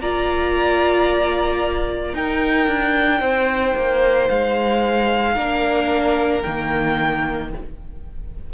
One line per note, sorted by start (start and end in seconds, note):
0.00 2.14 A#3
0.00 2.15 F4
0.00 2.15 D5
0.00 2.15 A#5
2.14 2.67 D#4
2.14 5.36 D#4
2.14 3.20 A#4
2.14 4.29 G5
2.67 3.21 D4
3.20 3.75 C4
3.20 5.33 C5
3.76 4.29 A#3
4.29 5.36 G#3
4.29 6.42 F5
5.33 6.44 A#3
5.33 6.44 D4
5.33 7.48 A#4
6.42 7.54 D#3
6.42 7.51 A#3
6.42 7.49 G5